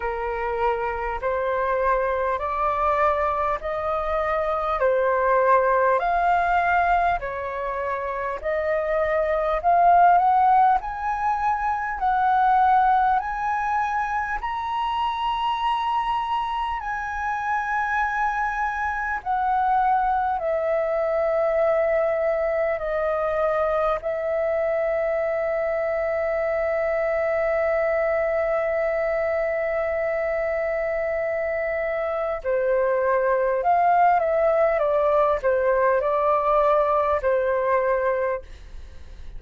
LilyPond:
\new Staff \with { instrumentName = "flute" } { \time 4/4 \tempo 4 = 50 ais'4 c''4 d''4 dis''4 | c''4 f''4 cis''4 dis''4 | f''8 fis''8 gis''4 fis''4 gis''4 | ais''2 gis''2 |
fis''4 e''2 dis''4 | e''1~ | e''2. c''4 | f''8 e''8 d''8 c''8 d''4 c''4 | }